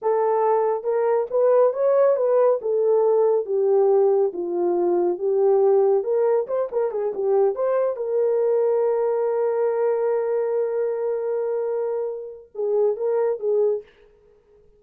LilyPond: \new Staff \with { instrumentName = "horn" } { \time 4/4 \tempo 4 = 139 a'2 ais'4 b'4 | cis''4 b'4 a'2 | g'2 f'2 | g'2 ais'4 c''8 ais'8 |
gis'8 g'4 c''4 ais'4.~ | ais'1~ | ais'1~ | ais'4 gis'4 ais'4 gis'4 | }